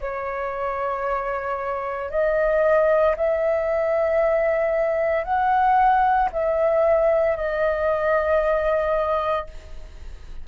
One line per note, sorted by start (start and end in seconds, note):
0.00 2.10 C#5
2.10 3.15 D#5
3.16 5.23 E5
5.23 6.29 F#5
6.32 7.36 E5
7.36 9.46 D#5